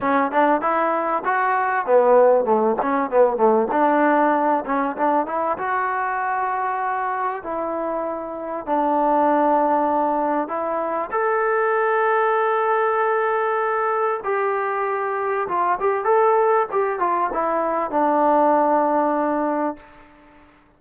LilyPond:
\new Staff \with { instrumentName = "trombone" } { \time 4/4 \tempo 4 = 97 cis'8 d'8 e'4 fis'4 b4 | a8 cis'8 b8 a8 d'4. cis'8 | d'8 e'8 fis'2. | e'2 d'2~ |
d'4 e'4 a'2~ | a'2. g'4~ | g'4 f'8 g'8 a'4 g'8 f'8 | e'4 d'2. | }